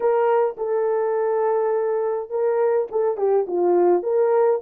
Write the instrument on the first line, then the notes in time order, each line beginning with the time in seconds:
horn
0.00 A#4
0.57 A4
2.30 A#4
2.91 A4
3.17 G4
3.47 F4
4.02 A#4